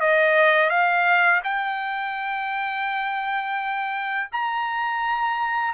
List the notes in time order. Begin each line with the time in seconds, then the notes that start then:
0.00 D#5
0.69 F5
1.44 G5
4.32 A#5